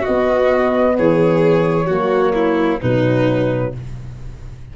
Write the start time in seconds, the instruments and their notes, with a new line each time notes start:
0.00 horn B3, violin F#4, flute D#5
0.07 tuba B3
0.97 tuba E3, violin G#4, flute C#5
1.86 tuba F#3, horn A#3, violin F#4
2.34 violin E4
2.81 tuba B2, horn F#3, violin D#4, flute B4